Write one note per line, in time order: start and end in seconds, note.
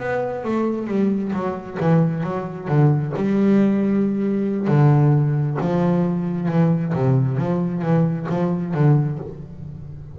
0.00 0.44 B3
0.44 0.88 A3
0.88 1.32 G3
1.33 1.78 F#3
1.80 2.23 E3
2.23 2.68 F#3
2.68 3.13 D3
3.16 4.68 G3
4.68 5.58 D3
5.61 6.49 F3
6.49 6.94 E3
6.94 7.38 C3
7.38 7.82 F3
7.82 8.27 E3
8.29 8.74 F3
8.74 9.19 D3